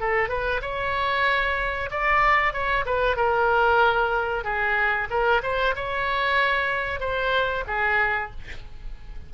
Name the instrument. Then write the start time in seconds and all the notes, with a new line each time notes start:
oboe
0.00 A4
0.29 B4
0.62 C#5
1.91 D5
2.53 C#5
2.86 B4
3.16 A#4
4.44 G#4
5.10 A#4
5.43 C5
5.76 C#5
7.00 C5
7.67 G#4